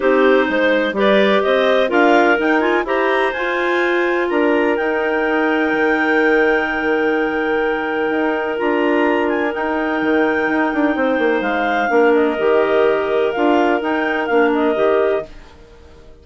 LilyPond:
<<
  \new Staff \with { instrumentName = "clarinet" } { \time 4/4 \tempo 4 = 126 c''2 d''4 dis''4 | f''4 g''8 gis''8 ais''4 gis''4~ | gis''4 ais''4 g''2~ | g''1~ |
g''2 ais''4. gis''8 | g''1 | f''4. dis''2~ dis''8 | f''4 g''4 f''8 dis''4. | }
  \new Staff \with { instrumentName = "clarinet" } { \time 4/4 g'4 c''4 b'4 c''4 | ais'2 c''2~ | c''4 ais'2.~ | ais'1~ |
ais'1~ | ais'2. c''4~ | c''4 ais'2.~ | ais'1 | }
  \new Staff \with { instrumentName = "clarinet" } { \time 4/4 dis'2 g'2 | f'4 dis'8 f'8 g'4 f'4~ | f'2 dis'2~ | dis'1~ |
dis'2 f'2 | dis'1~ | dis'4 d'4 g'2 | f'4 dis'4 d'4 g'4 | }
  \new Staff \with { instrumentName = "bassoon" } { \time 4/4 c'4 gis4 g4 c'4 | d'4 dis'4 e'4 f'4~ | f'4 d'4 dis'2 | dis1~ |
dis4 dis'4 d'2 | dis'4 dis4 dis'8 d'8 c'8 ais8 | gis4 ais4 dis2 | d'4 dis'4 ais4 dis4 | }
>>